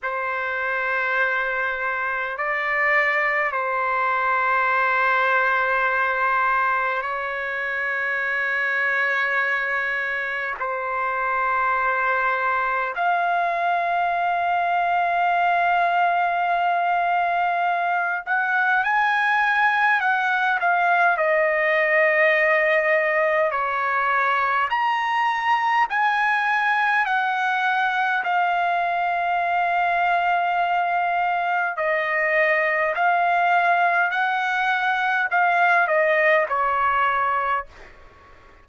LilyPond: \new Staff \with { instrumentName = "trumpet" } { \time 4/4 \tempo 4 = 51 c''2 d''4 c''4~ | c''2 cis''2~ | cis''4 c''2 f''4~ | f''2.~ f''8 fis''8 |
gis''4 fis''8 f''8 dis''2 | cis''4 ais''4 gis''4 fis''4 | f''2. dis''4 | f''4 fis''4 f''8 dis''8 cis''4 | }